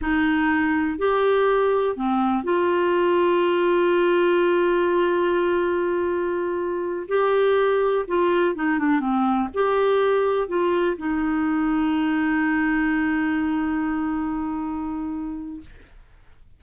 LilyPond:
\new Staff \with { instrumentName = "clarinet" } { \time 4/4 \tempo 4 = 123 dis'2 g'2 | c'4 f'2.~ | f'1~ | f'2~ f'8 g'4.~ |
g'8 f'4 dis'8 d'8 c'4 g'8~ | g'4. f'4 dis'4.~ | dis'1~ | dis'1 | }